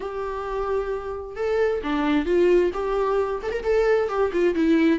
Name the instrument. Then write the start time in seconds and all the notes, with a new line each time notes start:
viola
0.00 G4
1.36 A4
1.83 D4
2.25 F4
2.73 G4
3.42 A4
3.51 A#4
3.63 A4
4.08 G4
4.32 F4
4.54 E4